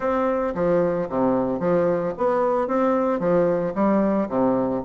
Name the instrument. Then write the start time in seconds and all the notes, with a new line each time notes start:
bassoon
0.00 C4
0.55 F3
1.09 C3
1.59 F3
2.17 B3
2.67 C4
3.19 F3
3.74 G3
4.28 C3